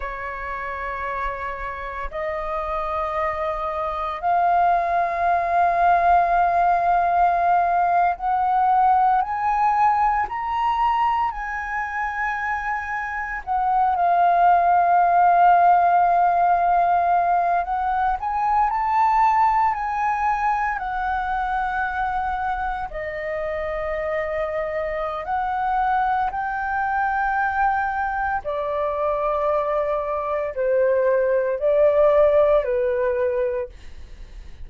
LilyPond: \new Staff \with { instrumentName = "flute" } { \time 4/4 \tempo 4 = 57 cis''2 dis''2 | f''2.~ f''8. fis''16~ | fis''8. gis''4 ais''4 gis''4~ gis''16~ | gis''8. fis''8 f''2~ f''8.~ |
f''8. fis''8 gis''8 a''4 gis''4 fis''16~ | fis''4.~ fis''16 dis''2~ dis''16 | fis''4 g''2 d''4~ | d''4 c''4 d''4 b'4 | }